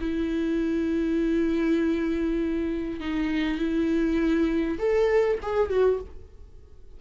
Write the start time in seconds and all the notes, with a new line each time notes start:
0.00 E4
3.00 D#4
3.58 E4
4.78 A4
5.42 G#4
5.70 F#4